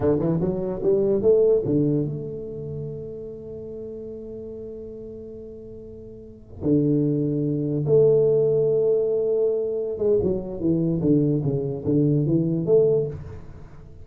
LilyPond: \new Staff \with { instrumentName = "tuba" } { \time 4/4 \tempo 4 = 147 d8 e8 fis4 g4 a4 | d4 a2.~ | a1~ | a1~ |
a16 d2. a8.~ | a1~ | a8 gis8 fis4 e4 d4 | cis4 d4 e4 a4 | }